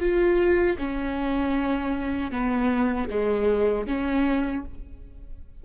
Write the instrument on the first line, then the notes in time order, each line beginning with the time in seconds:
viola
0.00 F4
0.79 C#4
2.31 B3
3.11 G#3
3.87 C#4